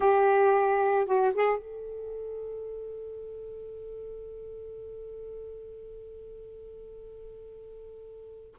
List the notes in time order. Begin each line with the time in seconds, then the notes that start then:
0.00 G4
1.05 F#4
1.34 G#4
1.58 A4